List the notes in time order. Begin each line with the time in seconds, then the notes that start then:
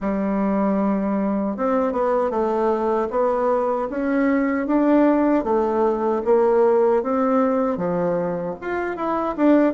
0.00 G3
1.57 C4
1.92 B3
2.30 A3
3.10 B3
3.90 C#4
4.66 D4
5.44 A3
6.24 A#3
7.02 C4
7.77 F3
8.61 F4
8.96 E4
9.36 D4